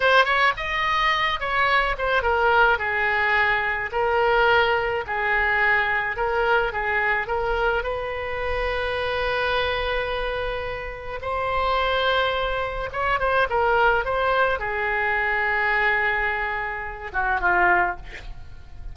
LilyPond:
\new Staff \with { instrumentName = "oboe" } { \time 4/4 \tempo 4 = 107 c''8 cis''8 dis''4. cis''4 c''8 | ais'4 gis'2 ais'4~ | ais'4 gis'2 ais'4 | gis'4 ais'4 b'2~ |
b'1 | c''2. cis''8 c''8 | ais'4 c''4 gis'2~ | gis'2~ gis'8 fis'8 f'4 | }